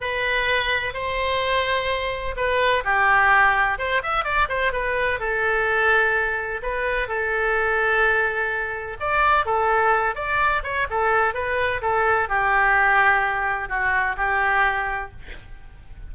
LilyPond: \new Staff \with { instrumentName = "oboe" } { \time 4/4 \tempo 4 = 127 b'2 c''2~ | c''4 b'4 g'2 | c''8 e''8 d''8 c''8 b'4 a'4~ | a'2 b'4 a'4~ |
a'2. d''4 | a'4. d''4 cis''8 a'4 | b'4 a'4 g'2~ | g'4 fis'4 g'2 | }